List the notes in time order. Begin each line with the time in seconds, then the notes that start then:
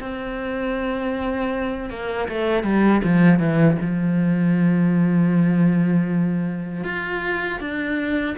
0.00 C4
1.90 A#3
2.28 A3
2.63 G3
3.04 F3
3.39 E3
3.81 F3
6.84 F4
7.60 D4